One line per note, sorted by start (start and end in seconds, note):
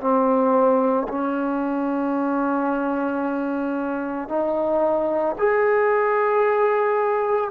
0.00 1.07 C4
1.08 4.29 C#4
4.29 5.36 D#4
5.38 7.50 G#4